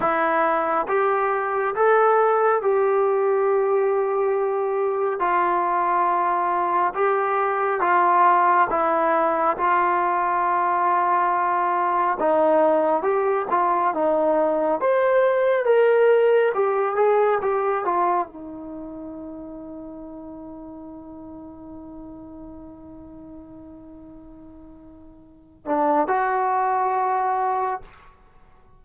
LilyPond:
\new Staff \with { instrumentName = "trombone" } { \time 4/4 \tempo 4 = 69 e'4 g'4 a'4 g'4~ | g'2 f'2 | g'4 f'4 e'4 f'4~ | f'2 dis'4 g'8 f'8 |
dis'4 c''4 ais'4 g'8 gis'8 | g'8 f'8 dis'2.~ | dis'1~ | dis'4. d'8 fis'2 | }